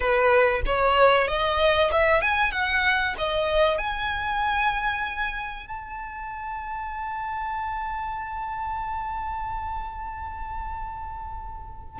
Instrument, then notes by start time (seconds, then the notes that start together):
violin
0.00 B4
0.65 C#5
1.27 D#5
1.91 E5
2.21 G#5
2.51 F#5
3.18 D#5
3.78 G#5
5.66 A5